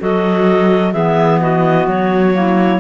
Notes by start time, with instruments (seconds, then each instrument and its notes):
0.00 cello F#3, clarinet F#4 A4 D#5
0.93 cello E3, clarinet B3 G#4 E5
1.41 clarinet F#4 D#5
1.87 cello F#3, clarinet C#5
2.34 clarinet A#3 E4